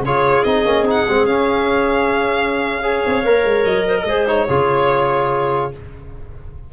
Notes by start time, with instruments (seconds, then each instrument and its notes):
0.00 tuba C#3, trombone F4, clarinet G#4, violin C#5
0.43 tuba C4, trombone D#4, violin D#5
0.65 tuba A#3, trombone C#4
0.82 tuba C4, trombone D#4
0.90 violin F#5
1.07 tuba G#3, trombone C4
1.25 tuba C#4, trombone C#4, violin F5
2.82 trombone G#4, clarinet C#5
3.06 tuba C4
3.24 tuba A#3, trombone A#4
3.44 tuba G#3
3.64 tuba F#3, violin D#5
3.87 clarinet C5
3.96 clarinet A#4
4.04 tuba G#3, trombone G#4, clarinet C5
4.27 trombone D#4, violin C#5
4.47 tuba C#3, trombone F4, clarinet G#4